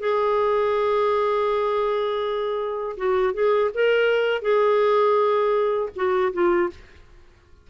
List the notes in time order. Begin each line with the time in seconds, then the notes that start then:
0.00 G#4
2.97 F#4
3.34 G#4
3.74 A#4
4.42 G#4
5.96 F#4
6.33 F4